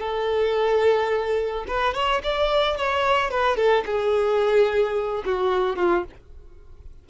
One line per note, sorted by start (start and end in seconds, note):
0.00 1.65 A4
1.68 1.94 B4
1.94 2.21 C#5
2.23 2.77 D5
2.77 3.30 C#5
3.30 3.56 B4
3.56 3.84 A4
3.85 5.23 G#4
5.25 5.76 F#4
5.76 6.03 F4